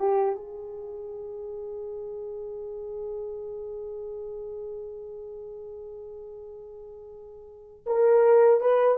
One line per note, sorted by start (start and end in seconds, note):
0.00 0.36 G4
0.36 7.86 G#4
7.87 8.61 A#4
8.61 8.98 B4